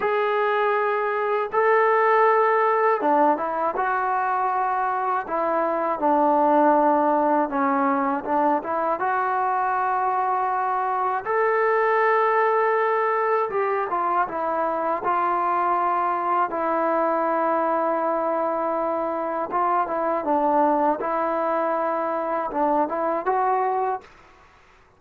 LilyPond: \new Staff \with { instrumentName = "trombone" } { \time 4/4 \tempo 4 = 80 gis'2 a'2 | d'8 e'8 fis'2 e'4 | d'2 cis'4 d'8 e'8 | fis'2. a'4~ |
a'2 g'8 f'8 e'4 | f'2 e'2~ | e'2 f'8 e'8 d'4 | e'2 d'8 e'8 fis'4 | }